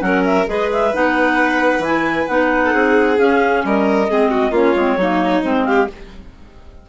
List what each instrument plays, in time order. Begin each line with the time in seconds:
0.00 bassoon F#3, clarinet C#4 F#5, violin A#4
0.25 clarinet E5
0.46 bassoon G#3, clarinet G#4 D#5, violin B4
0.72 clarinet E5
0.93 bassoon B3, clarinet D#4 F#5
1.79 bassoon E3, clarinet E4 G#5
2.28 bassoon B3, clarinet D#4 F#5
2.64 violin A4
2.73 bassoon C4, violin G#4
3.18 clarinet C#4 F5, bassoon C#4
3.64 bassoon G3, violin A#4, clarinet D#5
4.09 bassoon G#3, clarinet C4, violin G#4
4.31 violin F#4
4.51 bassoon A#3, clarinet C#4 C#5, violin F4
4.75 bassoon G#3, clarinet C4
4.97 bassoon F#3, clarinet A#3, violin D#4
5.42 bassoon G#3, clarinet C4 C5
5.65 violin G4, clarinet F5